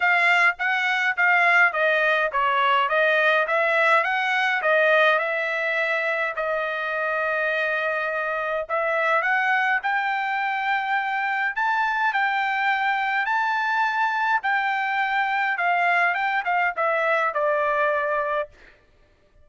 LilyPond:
\new Staff \with { instrumentName = "trumpet" } { \time 4/4 \tempo 4 = 104 f''4 fis''4 f''4 dis''4 | cis''4 dis''4 e''4 fis''4 | dis''4 e''2 dis''4~ | dis''2. e''4 |
fis''4 g''2. | a''4 g''2 a''4~ | a''4 g''2 f''4 | g''8 f''8 e''4 d''2 | }